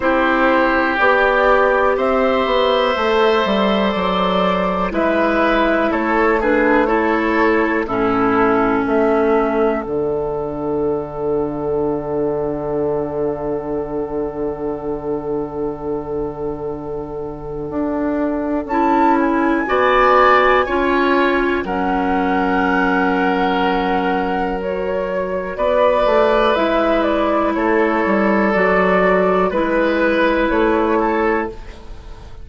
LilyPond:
<<
  \new Staff \with { instrumentName = "flute" } { \time 4/4 \tempo 4 = 61 c''4 d''4 e''2 | d''4 e''4 cis''8 b'8 cis''4 | a'4 e''4 fis''2~ | fis''1~ |
fis''2. a''8 gis''8~ | gis''2 fis''2~ | fis''4 cis''4 d''4 e''8 d''8 | cis''4 d''4 b'4 cis''4 | }
  \new Staff \with { instrumentName = "oboe" } { \time 4/4 g'2 c''2~ | c''4 b'4 a'8 gis'8 a'4 | e'4 a'2.~ | a'1~ |
a'1 | d''4 cis''4 ais'2~ | ais'2 b'2 | a'2 b'4. a'8 | }
  \new Staff \with { instrumentName = "clarinet" } { \time 4/4 e'4 g'2 a'4~ | a'4 e'4. d'8 e'4 | cis'2 d'2~ | d'1~ |
d'2. e'4 | fis'4 f'4 cis'2~ | cis'4 fis'2 e'4~ | e'4 fis'4 e'2 | }
  \new Staff \with { instrumentName = "bassoon" } { \time 4/4 c'4 b4 c'8 b8 a8 g8 | fis4 gis4 a2 | a,4 a4 d2~ | d1~ |
d2 d'4 cis'4 | b4 cis'4 fis2~ | fis2 b8 a8 gis4 | a8 g8 fis4 gis4 a4 | }
>>